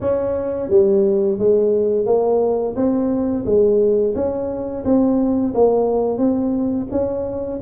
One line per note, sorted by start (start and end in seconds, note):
0.00 0.69 C#4
0.69 1.38 G3
1.38 2.06 G#3
2.06 2.75 A#3
2.76 3.45 C4
3.45 4.14 G#3
4.15 4.84 C#4
4.84 5.53 C4
5.54 6.18 A#3
6.18 6.87 C4
6.91 7.60 C#4